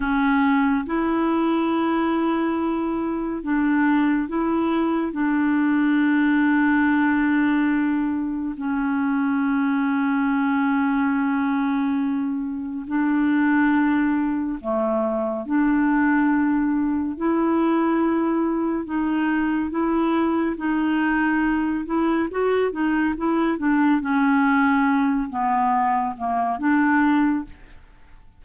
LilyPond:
\new Staff \with { instrumentName = "clarinet" } { \time 4/4 \tempo 4 = 70 cis'4 e'2. | d'4 e'4 d'2~ | d'2 cis'2~ | cis'2. d'4~ |
d'4 a4 d'2 | e'2 dis'4 e'4 | dis'4. e'8 fis'8 dis'8 e'8 d'8 | cis'4. b4 ais8 d'4 | }